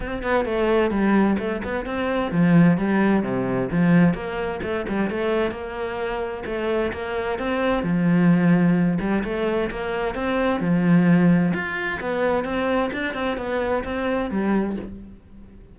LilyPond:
\new Staff \with { instrumentName = "cello" } { \time 4/4 \tempo 4 = 130 c'8 b8 a4 g4 a8 b8 | c'4 f4 g4 c4 | f4 ais4 a8 g8 a4 | ais2 a4 ais4 |
c'4 f2~ f8 g8 | a4 ais4 c'4 f4~ | f4 f'4 b4 c'4 | d'8 c'8 b4 c'4 g4 | }